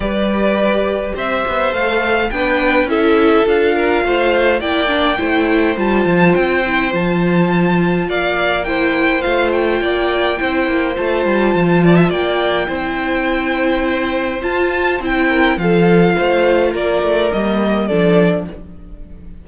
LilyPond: <<
  \new Staff \with { instrumentName = "violin" } { \time 4/4 \tempo 4 = 104 d''2 e''4 f''4 | g''4 e''4 f''2 | g''2 a''4 g''4 | a''2 f''4 g''4 |
f''8 g''2~ g''8 a''4~ | a''4 g''2.~ | g''4 a''4 g''4 f''4~ | f''4 d''4 dis''4 d''4 | }
  \new Staff \with { instrumentName = "violin" } { \time 4/4 b'2 c''2 | b'4 a'4. ais'8 c''4 | d''4 c''2.~ | c''2 d''4 c''4~ |
c''4 d''4 c''2~ | c''8 d''16 e''16 d''4 c''2~ | c''2~ c''8 ais'8 a'4 | c''4 ais'2 a'4 | }
  \new Staff \with { instrumentName = "viola" } { \time 4/4 g'2. a'4 | d'4 e'4 f'2 | e'8 d'8 e'4 f'4. e'8 | f'2. e'4 |
f'2 e'4 f'4~ | f'2 e'2~ | e'4 f'4 e'4 f'4~ | f'2 ais4 d'4 | }
  \new Staff \with { instrumentName = "cello" } { \time 4/4 g2 c'8 b8 a4 | b4 cis'4 d'4 a4 | ais4 a4 g8 f8 c'4 | f2 ais2 |
a4 ais4 c'8 ais8 a8 g8 | f4 ais4 c'2~ | c'4 f'4 c'4 f4 | a4 ais8 a8 g4 f4 | }
>>